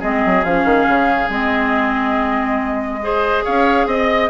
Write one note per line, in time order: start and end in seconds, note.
0.00 0.25 G#3
0.00 0.45 C4
0.00 3.00 G#4
0.00 0.44 D#5
0.26 0.45 F#3
0.44 0.65 F3
0.44 1.30 C#4
0.44 1.30 F5
0.65 0.86 D#3
0.88 1.29 C#3
1.29 3.44 G#3
1.29 3.02 C4
1.29 3.45 D#5
3.02 4.30 G#4
3.02 3.45 C5
3.45 3.87 C#4
3.45 3.87 C#5
3.45 3.88 F5
3.87 4.29 C4
3.87 4.30 D#5